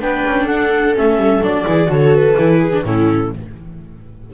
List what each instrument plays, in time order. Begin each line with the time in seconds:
0.00 double bass B3, viola D4 B4, clarinet G5
0.26 double bass C#4
0.44 double bass D4, viola A4, clarinet F#5
0.94 double bass A3, viola C#4, clarinet E5
1.16 double bass G3
1.41 double bass F#3, viola D4, clarinet D5
1.66 double bass E3, viola E4 G#4
1.86 double bass D3, viola F#4 A4, clarinet C#5
2.15 clarinet B4
2.38 double bass E3, viola E4
2.59 viola G#4
2.72 viola D4
2.84 double bass A2, viola C#4 E4, clarinet A4